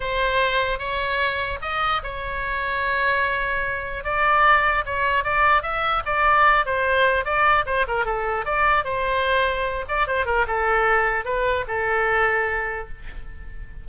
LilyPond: \new Staff \with { instrumentName = "oboe" } { \time 4/4 \tempo 4 = 149 c''2 cis''2 | dis''4 cis''2.~ | cis''2 d''2 | cis''4 d''4 e''4 d''4~ |
d''8 c''4. d''4 c''8 ais'8 | a'4 d''4 c''2~ | c''8 d''8 c''8 ais'8 a'2 | b'4 a'2. | }